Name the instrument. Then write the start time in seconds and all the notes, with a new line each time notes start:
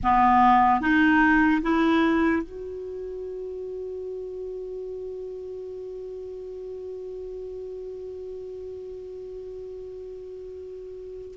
clarinet
0.03 B3
0.80 D#4
1.62 E4
2.43 F#4